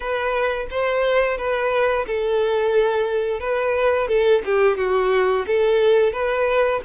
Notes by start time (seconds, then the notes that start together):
0.00 B4
0.70 C5
1.37 B4
2.06 A4
3.39 B4
4.08 A4
4.45 G4
4.77 F#4
5.46 A4
6.12 B4